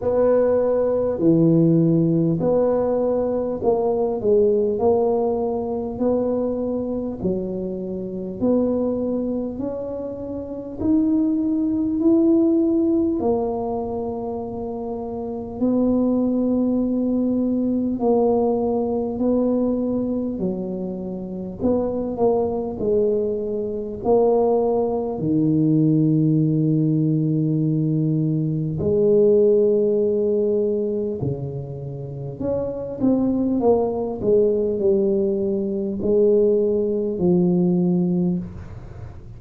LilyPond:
\new Staff \with { instrumentName = "tuba" } { \time 4/4 \tempo 4 = 50 b4 e4 b4 ais8 gis8 | ais4 b4 fis4 b4 | cis'4 dis'4 e'4 ais4~ | ais4 b2 ais4 |
b4 fis4 b8 ais8 gis4 | ais4 dis2. | gis2 cis4 cis'8 c'8 | ais8 gis8 g4 gis4 f4 | }